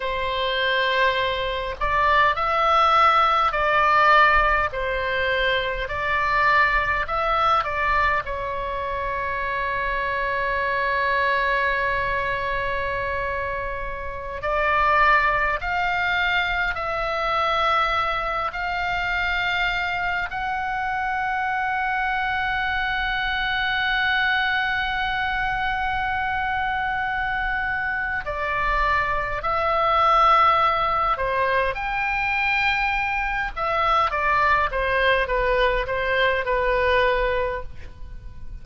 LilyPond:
\new Staff \with { instrumentName = "oboe" } { \time 4/4 \tempo 4 = 51 c''4. d''8 e''4 d''4 | c''4 d''4 e''8 d''8 cis''4~ | cis''1~ | cis''16 d''4 f''4 e''4. f''16~ |
f''4~ f''16 fis''2~ fis''8.~ | fis''1 | d''4 e''4. c''8 g''4~ | g''8 e''8 d''8 c''8 b'8 c''8 b'4 | }